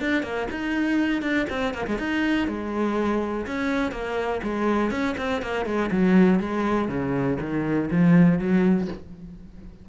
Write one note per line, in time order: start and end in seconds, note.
0.00 0.22 D4
0.22 0.47 A#3
0.51 1.22 D#4
1.22 1.46 D4
1.50 1.74 C4
1.74 1.86 A#3
1.87 1.98 G#3
1.98 2.47 D#4
2.47 3.46 G#3
3.46 3.91 C#4
3.91 4.40 A#3
4.43 4.90 G#3
4.90 5.15 C#4
5.17 5.42 C4
5.42 5.65 A#3
5.65 5.90 G#3
5.91 6.39 F#3
6.39 6.88 G#3
6.88 7.37 C#3
7.40 7.90 D#3
7.90 8.39 F3
8.39 8.88 F#3